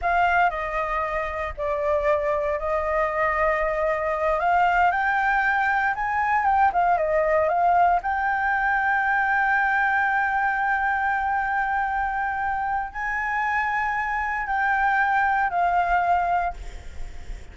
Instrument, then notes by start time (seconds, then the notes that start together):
flute
0.01 F5
0.50 D#5
1.57 D5
2.59 D#5
4.39 F5
4.91 G5
5.95 G#5
6.45 G5
6.72 F5
6.97 D#5
7.48 F5
8.02 G5
12.92 G#5
14.46 G5
15.50 F5